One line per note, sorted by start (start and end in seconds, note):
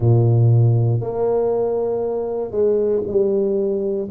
0.00 1.00 A#2
1.00 2.51 A#3
2.51 3.01 G#3
3.06 4.08 G3